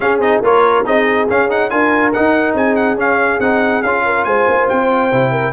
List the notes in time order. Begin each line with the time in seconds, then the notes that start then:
0.00 C#4 G#4 F5
0.19 C4 D#4 D#5
0.41 A#3 F4 A#4 C#5
0.84 C4 D#4 G#4 D#5
1.28 C#4 F5
1.49 D#4 F#5
1.69 D4 F4 A#4 G#5
2.12 D#4 F#5
2.54 C4 G#4 G#5
2.75 F#5
2.95 C#4 F5
3.39 C4 D#4 F#5
3.82 C#4 F4 F5
4.05 A#4
4.24 G#3 C5 G#5
4.47 A#3
4.68 C4 G5
5.11 C3 E4
5.31 A#4